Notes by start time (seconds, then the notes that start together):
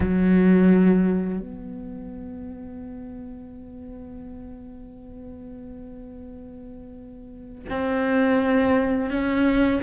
0.00 F#3
1.39 B3
7.69 C4
9.10 C#4